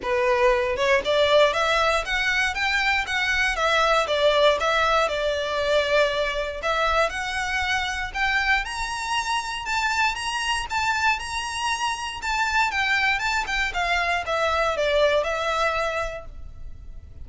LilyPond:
\new Staff \with { instrumentName = "violin" } { \time 4/4 \tempo 4 = 118 b'4. cis''8 d''4 e''4 | fis''4 g''4 fis''4 e''4 | d''4 e''4 d''2~ | d''4 e''4 fis''2 |
g''4 ais''2 a''4 | ais''4 a''4 ais''2 | a''4 g''4 a''8 g''8 f''4 | e''4 d''4 e''2 | }